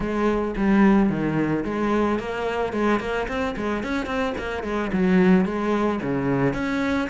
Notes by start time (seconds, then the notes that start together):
0.00 G#3
0.56 G3
1.09 D#3
1.64 G#3
2.19 A#3
2.72 G#3
3.00 A#3
3.28 C4
3.56 G#3
3.83 C#4
4.06 C4
4.38 A#3
4.63 G#3
4.92 F#3
5.45 G#3
6.02 C#3
6.53 C#4